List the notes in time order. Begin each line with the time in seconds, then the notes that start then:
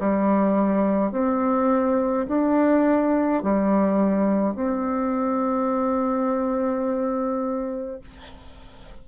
0.00 G3
1.12 C4
2.28 D4
3.43 G3
4.55 C4